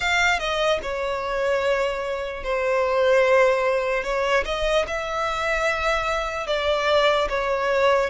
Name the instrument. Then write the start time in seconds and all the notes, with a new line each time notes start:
violin
0.00 F5
0.39 D#5
0.82 C#5
2.43 C5
4.03 C#5
4.45 D#5
4.87 E5
6.46 D5
7.29 C#5